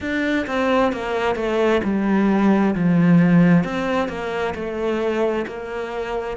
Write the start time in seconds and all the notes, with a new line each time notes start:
0.00 D4
0.47 C4
0.92 A#3
1.35 A3
1.83 G3
2.75 F3
3.64 C4
4.08 A#3
4.55 A3
5.46 A#3